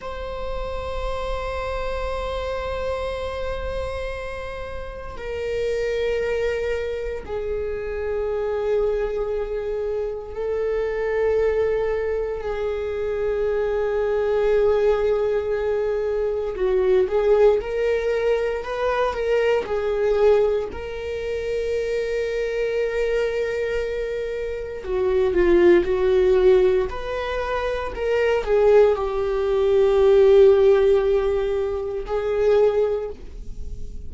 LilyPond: \new Staff \with { instrumentName = "viola" } { \time 4/4 \tempo 4 = 58 c''1~ | c''4 ais'2 gis'4~ | gis'2 a'2 | gis'1 |
fis'8 gis'8 ais'4 b'8 ais'8 gis'4 | ais'1 | fis'8 f'8 fis'4 b'4 ais'8 gis'8 | g'2. gis'4 | }